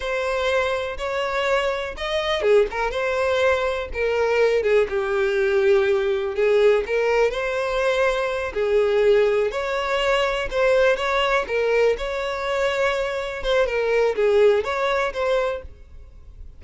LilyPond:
\new Staff \with { instrumentName = "violin" } { \time 4/4 \tempo 4 = 123 c''2 cis''2 | dis''4 gis'8 ais'8 c''2 | ais'4. gis'8 g'2~ | g'4 gis'4 ais'4 c''4~ |
c''4. gis'2 cis''8~ | cis''4. c''4 cis''4 ais'8~ | ais'8 cis''2. c''8 | ais'4 gis'4 cis''4 c''4 | }